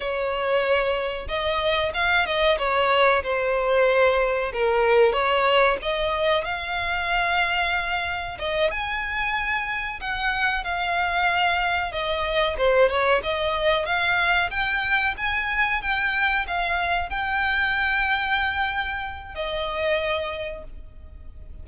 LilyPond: \new Staff \with { instrumentName = "violin" } { \time 4/4 \tempo 4 = 93 cis''2 dis''4 f''8 dis''8 | cis''4 c''2 ais'4 | cis''4 dis''4 f''2~ | f''4 dis''8 gis''2 fis''8~ |
fis''8 f''2 dis''4 c''8 | cis''8 dis''4 f''4 g''4 gis''8~ | gis''8 g''4 f''4 g''4.~ | g''2 dis''2 | }